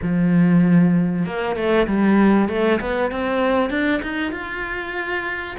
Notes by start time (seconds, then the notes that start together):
0.02 F3
1.25 A#3
1.55 A3
1.87 G3
2.49 A3
2.80 B3
3.11 C4
3.70 D4
4.02 D#4
4.32 F4